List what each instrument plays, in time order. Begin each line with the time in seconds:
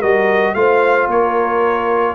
0.00 tuba G3, trombone F#4, horn A#4, trumpet D#5
0.55 tuba A3, trombone F4, horn C5, trumpet F5
1.08 tuba A#3, horn A#4, trumpet C#5